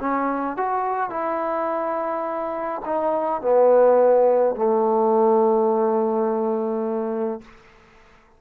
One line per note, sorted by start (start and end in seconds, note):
0.00 0.57 C#4
0.57 1.10 F#4
1.10 2.82 E4
2.85 3.42 D#4
3.42 4.56 B3
4.56 7.41 A3